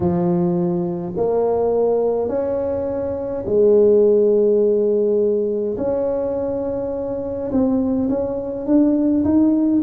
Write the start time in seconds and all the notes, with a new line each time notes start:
0.00 F3
1.16 A#3
2.28 C#4
3.46 G#3
5.77 C#4
7.51 C4
8.09 C#4
8.66 D4
9.24 D#4